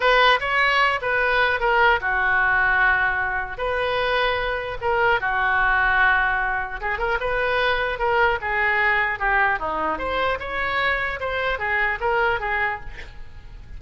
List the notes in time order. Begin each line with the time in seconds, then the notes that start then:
0.00 B4
0.39 C#5
1.01 B4
1.60 A#4
2.00 F#4
3.57 B4
4.81 A#4
5.20 F#4
6.80 G#4
6.98 A#4
7.20 B4
7.98 A#4
8.41 G#4
9.19 G4
9.59 D#4
9.98 C5
10.39 C#5
11.20 C5
11.58 G#4
12.00 A#4
12.40 G#4